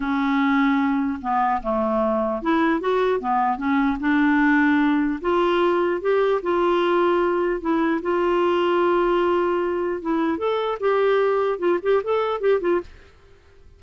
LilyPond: \new Staff \with { instrumentName = "clarinet" } { \time 4/4 \tempo 4 = 150 cis'2. b4 | a2 e'4 fis'4 | b4 cis'4 d'2~ | d'4 f'2 g'4 |
f'2. e'4 | f'1~ | f'4 e'4 a'4 g'4~ | g'4 f'8 g'8 a'4 g'8 f'8 | }